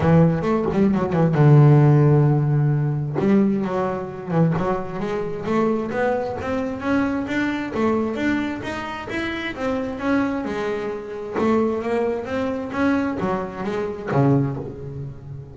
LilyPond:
\new Staff \with { instrumentName = "double bass" } { \time 4/4 \tempo 4 = 132 e4 a8 g8 fis8 e8 d4~ | d2. g4 | fis4. e8 fis4 gis4 | a4 b4 c'4 cis'4 |
d'4 a4 d'4 dis'4 | e'4 c'4 cis'4 gis4~ | gis4 a4 ais4 c'4 | cis'4 fis4 gis4 cis4 | }